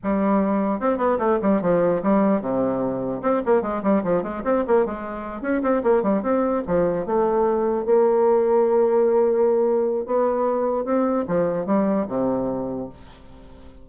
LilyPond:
\new Staff \with { instrumentName = "bassoon" } { \time 4/4 \tempo 4 = 149 g2 c'8 b8 a8 g8 | f4 g4 c2 | c'8 ais8 gis8 g8 f8 gis8 c'8 ais8 | gis4. cis'8 c'8 ais8 g8 c'8~ |
c'8 f4 a2 ais8~ | ais1~ | ais4 b2 c'4 | f4 g4 c2 | }